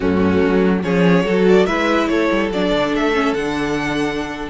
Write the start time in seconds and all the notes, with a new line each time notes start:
0.00 F#2 A3 C#4 F#4
0.43 F#3
0.83 F3 C#4 G#4 C#5
1.23 F#3 F#4 A4
1.48 D5
1.66 G#3 E4 B4 E5
2.08 A3 A4 C#5
2.31 G3
2.50 F#3 D4 D5
2.72 D3
2.94 A3 E5
3.14 C#4
3.32 D3 D4 F#5